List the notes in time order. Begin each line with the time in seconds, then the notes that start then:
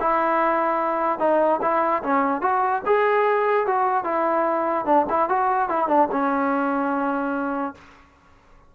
0.00 E4
1.19 D#4
1.62 E4
2.03 C#4
2.41 F#4
2.86 G#4
3.67 F#4
4.04 E4
4.85 D4
5.09 E4
5.29 F#4
5.69 E4
5.88 D4
6.11 C#4